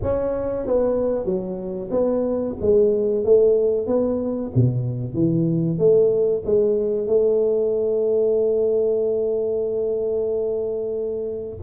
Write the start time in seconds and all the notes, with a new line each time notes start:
0.02 C#4
0.66 B3
1.25 F#3
1.90 B3
2.61 G#3
3.24 A3
3.87 B3
4.55 B2
5.14 E3
5.78 A3
6.45 G#3
7.06 A3